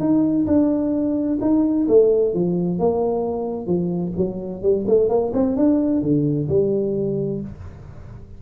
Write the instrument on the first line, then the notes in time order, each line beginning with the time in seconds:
tuba
0.00 D#4
0.47 D4
1.41 D#4
1.88 A3
2.34 F3
2.79 A#3
3.67 F3
4.17 F#3
4.62 G3
4.88 A3
5.09 A#3
5.34 C4
5.57 D4
6.02 D3
6.49 G3